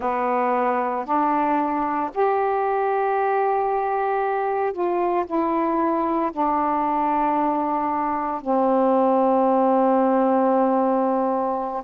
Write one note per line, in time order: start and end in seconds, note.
0.00 1.05 B3
1.05 2.10 D4
2.14 4.72 G4
4.72 5.25 F4
5.25 6.31 E4
6.32 8.41 D4
8.41 11.83 C4